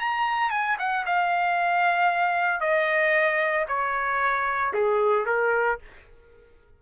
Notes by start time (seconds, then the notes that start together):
0.00 A#5
0.51 G#5
0.79 F#5
1.06 F5
2.61 D#5
3.68 C#5
4.74 G#4
5.26 A#4